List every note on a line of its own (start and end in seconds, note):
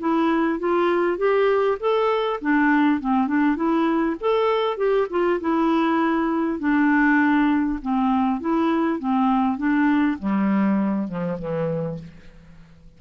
0.00 0.60 E4
0.60 1.18 F4
1.18 1.78 G4
1.81 2.41 A4
2.42 3.01 D4
3.01 3.28 C4
3.28 3.57 D4
3.57 4.17 E4
4.21 4.78 A4
4.78 5.08 G4
5.11 5.41 F4
5.41 6.60 E4
6.60 7.80 D4
7.82 8.41 C4
8.41 9.00 E4
9.00 9.58 C4
9.58 10.18 D4
10.19 11.08 G3
11.08 11.38 F3
11.39 11.99 E3